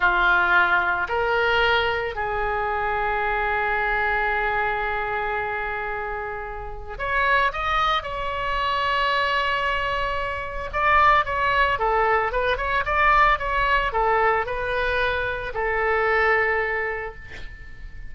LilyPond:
\new Staff \with { instrumentName = "oboe" } { \time 4/4 \tempo 4 = 112 f'2 ais'2 | gis'1~ | gis'1~ | gis'4 cis''4 dis''4 cis''4~ |
cis''1 | d''4 cis''4 a'4 b'8 cis''8 | d''4 cis''4 a'4 b'4~ | b'4 a'2. | }